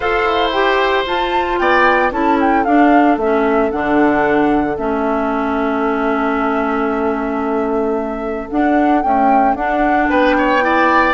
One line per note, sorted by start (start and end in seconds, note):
0.00 0.24 F4
0.00 0.53 A4
0.00 1.59 C5
0.00 0.51 F5
0.24 1.03 E4
0.51 1.05 G4
0.51 1.04 G5
1.05 2.12 F4
1.05 1.59 F4
1.05 1.58 A5
1.58 2.11 B3
1.58 2.12 D5
1.58 2.11 G5
2.11 2.64 C#4
2.11 2.65 E4
2.11 10.09 A4
2.11 2.38 A5
2.40 2.64 G5
2.64 3.16 D4
2.64 3.20 D4
2.64 3.17 F5
3.16 3.70 A3
3.16 3.71 C#4
3.16 3.71 E5
3.71 4.77 D3
3.71 4.77 D4
3.71 4.77 F#5
4.77 8.49 A3
4.77 8.48 C#4
4.77 8.49 E5
8.49 9.03 D4
8.49 9.04 D4
8.49 9.02 F#5
9.02 9.56 A3
9.02 9.54 C#4
9.02 9.55 G5
9.54 10.07 D4
9.54 10.60 D4
9.54 10.09 F#5
10.09 11.13 B3
10.09 10.35 B4
10.09 11.13 G5
10.37 10.64 C#5
10.60 11.13 E4
10.60 11.13 D5